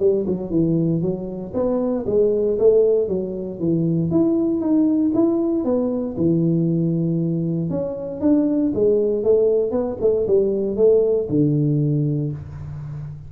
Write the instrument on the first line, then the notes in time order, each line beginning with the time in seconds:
tuba
0.00 G3
0.27 F#3
0.51 E3
1.02 F#3
1.54 B3
2.07 G#3
2.59 A3
3.08 F#3
3.60 E3
4.11 E4
4.61 D#4
5.14 E4
5.65 B3
6.17 E3
7.70 C#4
8.21 D4
8.75 G#3
9.24 A3
9.72 B3
10.01 A3
10.28 G3
10.77 A3
11.30 D3